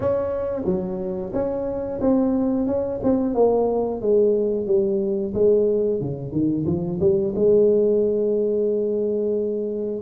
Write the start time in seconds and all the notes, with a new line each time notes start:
0.00 C#4
0.65 F#3
1.33 C#4
2.00 C4
2.66 C#4
3.03 C4
3.34 A#3
4.01 G#3
4.66 G3
5.33 G#3
6.00 C#3
6.32 D#3
6.66 F3
7.00 G3
7.35 G#3